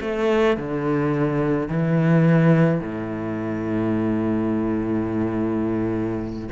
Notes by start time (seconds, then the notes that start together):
0.00 A3
0.57 D3
1.68 E3
2.80 A2